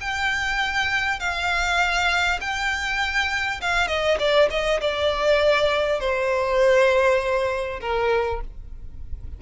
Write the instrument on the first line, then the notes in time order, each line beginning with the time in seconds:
violin
0.00 G5
1.19 F5
2.40 G5
3.61 F5
3.87 D#5
4.19 D5
4.50 D#5
4.80 D5
6.00 C5
7.80 A#4